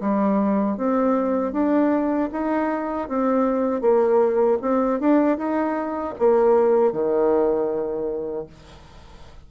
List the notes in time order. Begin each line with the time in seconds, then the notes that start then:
0.00 G3
0.77 C4
1.52 D4
2.32 D#4
3.08 C4
3.81 A#3
4.61 C4
5.00 D4
5.37 D#4
6.19 A#3
6.92 D#3